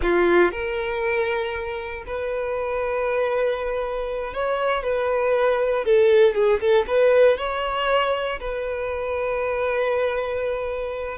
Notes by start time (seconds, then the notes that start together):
0.02 F4
0.51 A#4
2.06 B4
4.33 C#5
4.83 B4
5.85 A4
6.34 G#4
6.60 A4
6.87 B4
7.37 C#5
8.40 B4